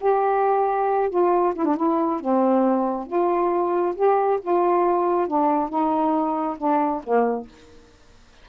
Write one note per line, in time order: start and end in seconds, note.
0.00 1.09 G4
1.09 1.54 F4
1.55 1.65 E4
1.65 1.76 D4
1.76 2.20 E4
2.20 3.06 C4
3.06 3.94 F4
3.95 4.39 G4
4.41 5.27 F4
5.27 5.69 D4
5.69 6.57 D#4
6.57 7.01 D4
7.03 7.47 A#3